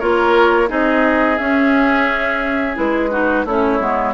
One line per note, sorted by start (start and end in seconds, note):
0.00 0.70 A#3
0.00 0.69 F4
0.00 0.69 A#4
0.00 0.69 C#5
0.69 1.39 C4
0.69 1.38 D#4
0.69 3.11 G#4
0.69 1.39 D#5
1.39 2.77 C#4
1.39 2.75 C#4
1.39 2.77 E5
2.75 3.45 G#3
2.75 3.10 E4
2.75 3.46 B4
3.11 3.46 D#4
3.11 3.46 F#4
3.45 3.80 A3
3.45 3.80 C#4
3.45 4.15 E4
3.45 4.15 C#5
3.80 4.15 G#3
3.80 4.15 B3